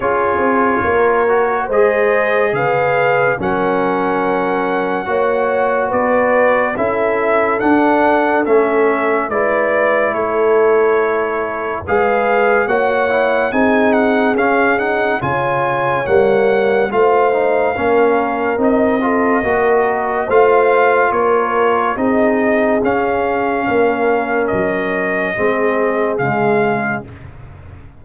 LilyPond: <<
  \new Staff \with { instrumentName = "trumpet" } { \time 4/4 \tempo 4 = 71 cis''2 dis''4 f''4 | fis''2. d''4 | e''4 fis''4 e''4 d''4 | cis''2 f''4 fis''4 |
gis''8 fis''8 f''8 fis''8 gis''4 fis''4 | f''2 dis''2 | f''4 cis''4 dis''4 f''4~ | f''4 dis''2 f''4 | }
  \new Staff \with { instrumentName = "horn" } { \time 4/4 gis'4 ais'4 c''4 b'4 | ais'2 cis''4 b'4 | a'2. b'4 | a'2 b'4 cis''4 |
gis'2 cis''2 | c''4 ais'4. a'8 ais'4 | c''4 ais'4 gis'2 | ais'2 gis'2 | }
  \new Staff \with { instrumentName = "trombone" } { \time 4/4 f'4. fis'8 gis'2 | cis'2 fis'2 | e'4 d'4 cis'4 e'4~ | e'2 gis'4 fis'8 e'8 |
dis'4 cis'8 dis'8 f'4 ais4 | f'8 dis'8 cis'4 dis'8 f'8 fis'4 | f'2 dis'4 cis'4~ | cis'2 c'4 gis4 | }
  \new Staff \with { instrumentName = "tuba" } { \time 4/4 cis'8 c'8 ais4 gis4 cis4 | fis2 ais4 b4 | cis'4 d'4 a4 gis4 | a2 gis4 ais4 |
c'4 cis'4 cis4 g4 | a4 ais4 c'4 ais4 | a4 ais4 c'4 cis'4 | ais4 fis4 gis4 cis4 | }
>>